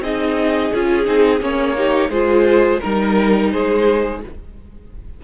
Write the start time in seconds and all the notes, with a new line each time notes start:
0.00 C4 D#4 G#4 D#5
0.73 C#4 F4 G#4
1.04 C4 D#4
1.40 A#3 C#4 C#5
1.76 D#4 G4
2.09 G#3 F4 G#4 C5
2.80 G3 D#4 A#4
3.51 G#3 G#4 C5